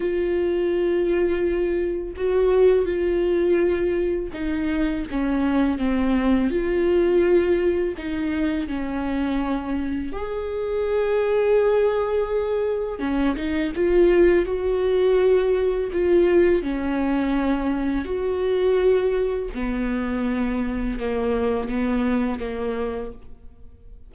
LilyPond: \new Staff \with { instrumentName = "viola" } { \time 4/4 \tempo 4 = 83 f'2. fis'4 | f'2 dis'4 cis'4 | c'4 f'2 dis'4 | cis'2 gis'2~ |
gis'2 cis'8 dis'8 f'4 | fis'2 f'4 cis'4~ | cis'4 fis'2 b4~ | b4 ais4 b4 ais4 | }